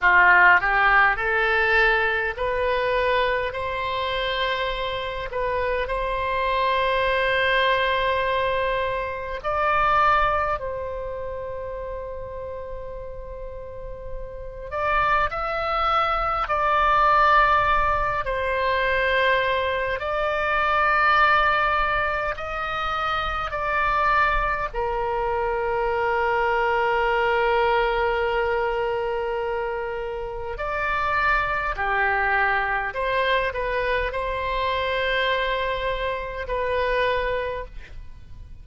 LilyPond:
\new Staff \with { instrumentName = "oboe" } { \time 4/4 \tempo 4 = 51 f'8 g'8 a'4 b'4 c''4~ | c''8 b'8 c''2. | d''4 c''2.~ | c''8 d''8 e''4 d''4. c''8~ |
c''4 d''2 dis''4 | d''4 ais'2.~ | ais'2 d''4 g'4 | c''8 b'8 c''2 b'4 | }